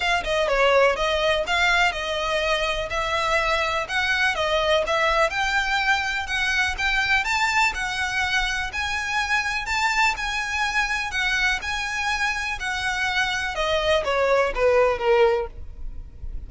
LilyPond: \new Staff \with { instrumentName = "violin" } { \time 4/4 \tempo 4 = 124 f''8 dis''8 cis''4 dis''4 f''4 | dis''2 e''2 | fis''4 dis''4 e''4 g''4~ | g''4 fis''4 g''4 a''4 |
fis''2 gis''2 | a''4 gis''2 fis''4 | gis''2 fis''2 | dis''4 cis''4 b'4 ais'4 | }